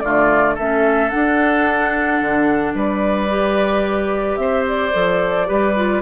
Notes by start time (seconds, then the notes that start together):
0.00 D3 A3 F4 D5
0.54 A3 C#4 A4 E5
1.10 D4 F#5
2.21 D3
2.74 G3 B4 D5
3.29 G4
4.36 C4 C5 E5
4.67 D5
4.92 F3 A4
5.46 G3 G4 B4
5.76 F4